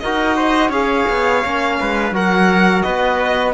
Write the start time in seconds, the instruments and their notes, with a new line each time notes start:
0.00 cello D#4, trombone F#4, trumpet A#4, violin D#5
0.37 trumpet C5
0.69 cello C#4, trombone G#4, trumpet C#5, violin F5
1.10 cello B3
1.44 cello A#3, trombone C#4
1.80 cello G#3, trumpet B4
2.12 cello F#3, trombone F#4, trumpet A#4, violin F#5
2.82 cello B3, trumpet B4, violin D#5